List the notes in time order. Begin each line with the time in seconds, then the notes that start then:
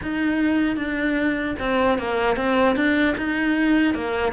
0.02 D#4
0.76 D4
1.59 C4
1.98 A#3
2.36 C4
2.76 D4
3.17 D#4
3.94 A#3